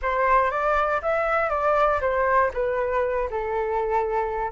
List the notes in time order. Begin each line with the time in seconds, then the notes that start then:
0.02 C5
0.50 D5
1.02 E5
1.49 D5
2.01 C5
2.53 B4
3.30 A4